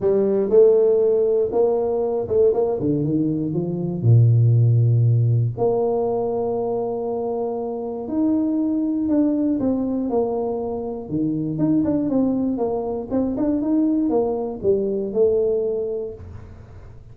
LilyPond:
\new Staff \with { instrumentName = "tuba" } { \time 4/4 \tempo 4 = 119 g4 a2 ais4~ | ais8 a8 ais8 d8 dis4 f4 | ais,2. ais4~ | ais1 |
dis'2 d'4 c'4 | ais2 dis4 dis'8 d'8 | c'4 ais4 c'8 d'8 dis'4 | ais4 g4 a2 | }